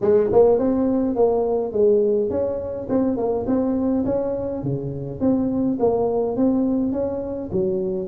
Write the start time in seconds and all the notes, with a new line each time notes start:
0.01 G#3
0.32 A#3
0.58 C4
1.15 A#3
1.72 G#3
2.30 C#4
2.89 C4
3.16 A#3
3.46 C4
4.05 C#4
4.63 C#3
5.20 C4
5.79 A#3
6.36 C4
6.92 C#4
7.52 F#3